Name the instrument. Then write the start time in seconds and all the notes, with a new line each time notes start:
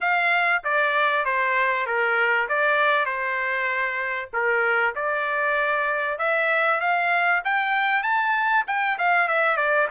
trumpet
0.00 F5
0.64 D5
1.25 C5
1.86 A#4
2.48 D5
3.05 C5
4.33 A#4
4.95 D5
6.18 E5
6.80 F5
7.44 G5
8.02 A5
8.67 G5
8.98 F5
9.28 E5
9.57 D5